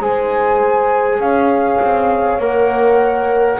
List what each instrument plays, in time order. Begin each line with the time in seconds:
0.00 double bass G#3, trombone G#4, horn C5, flute G#5
1.19 double bass C#4, horn C#5, flute F5
1.81 double bass C4
2.39 double bass A#3, trombone A#4, flute F#5